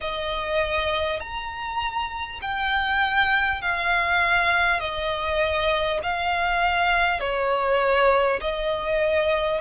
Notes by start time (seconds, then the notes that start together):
0.01 D#5
1.20 A#5
2.41 G5
3.61 F5
4.80 D#5
6.02 F5
7.19 C#5
8.41 D#5